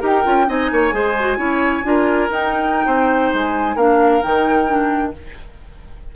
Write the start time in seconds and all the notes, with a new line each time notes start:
0.00 D#4 G4 A#4 G5
0.24 C#4 F4
0.46 C4 D#4 D#5 G#5
0.71 A#3 C#5
0.92 G#3 G#4 C5
1.19 F#4
1.37 C#4 E4 C#5
1.83 D4 F4 A#4
2.30 D#4 G5
2.86 C4 C5
3.33 G#3 G#5
3.75 A#3 D4 A#4 F5
4.22 D#3 D#4 G5
4.67 D4